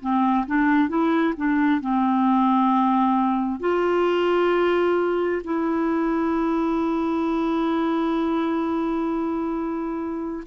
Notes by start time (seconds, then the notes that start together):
0.00 C4
0.46 D4
0.88 E4
1.36 D4
1.81 C4
3.60 F4
5.44 E4